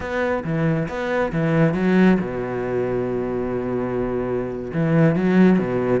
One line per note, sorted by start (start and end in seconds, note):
0.00 0.43 B3
0.44 0.87 E3
0.88 1.32 B3
1.32 1.74 E3
1.74 2.18 F#3
2.19 4.71 B2
4.73 5.15 E3
5.15 5.59 F#3
5.59 6.00 B2